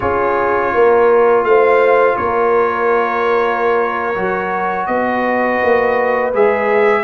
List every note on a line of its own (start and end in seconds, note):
0.00 0.73 C#4
0.00 4.14 F4
0.00 0.72 G#4
0.00 1.44 C#5
0.73 1.44 A#3
0.73 1.46 A#4
1.44 2.16 A3
1.44 2.16 C5
1.44 2.16 F5
2.16 4.16 A#3
2.16 4.87 A#4
2.16 4.86 C#5
4.15 4.87 F#3
4.15 6.32 F#4
4.86 5.59 B3
4.86 7.03 B4
4.86 6.30 D#5
5.63 6.34 A#3
6.33 7.03 G#3
6.33 7.03 G#4
6.33 7.03 E5